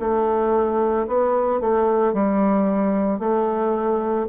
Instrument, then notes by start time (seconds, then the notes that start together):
bassoon
0.00 A3
1.08 B3
1.61 A3
2.13 G3
3.19 A3